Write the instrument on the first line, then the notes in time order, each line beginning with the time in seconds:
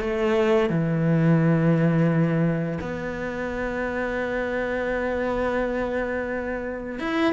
cello
0.00 A3
0.70 E3
2.81 B3
7.00 E4